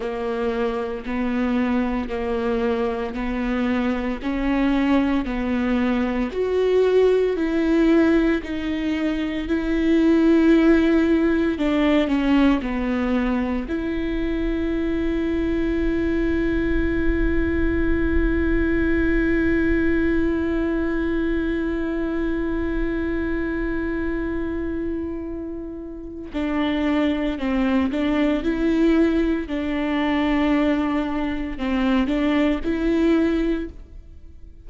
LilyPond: \new Staff \with { instrumentName = "viola" } { \time 4/4 \tempo 4 = 57 ais4 b4 ais4 b4 | cis'4 b4 fis'4 e'4 | dis'4 e'2 d'8 cis'8 | b4 e'2.~ |
e'1~ | e'1~ | e'4 d'4 c'8 d'8 e'4 | d'2 c'8 d'8 e'4 | }